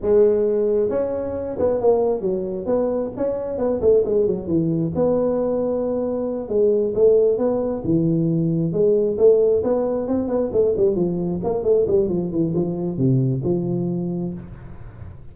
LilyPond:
\new Staff \with { instrumentName = "tuba" } { \time 4/4 \tempo 4 = 134 gis2 cis'4. b8 | ais4 fis4 b4 cis'4 | b8 a8 gis8 fis8 e4 b4~ | b2~ b8 gis4 a8~ |
a8 b4 e2 gis8~ | gis8 a4 b4 c'8 b8 a8 | g8 f4 ais8 a8 g8 f8 e8 | f4 c4 f2 | }